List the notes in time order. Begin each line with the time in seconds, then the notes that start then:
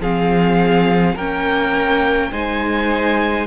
0.00 F3 C4 G#4 F5
1.15 A#3 C#4 A#4 G5
2.32 G#3 D#4 C5 G#5